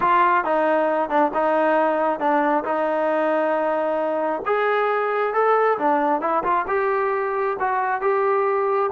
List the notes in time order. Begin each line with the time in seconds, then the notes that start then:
0.00 F4
0.44 D#4
1.09 D4
1.34 D#4
2.19 D4
2.64 D#4
4.45 G#4
5.33 A4
5.78 D4
6.21 E4
6.43 F4
6.67 G4
7.59 F#4
8.01 G4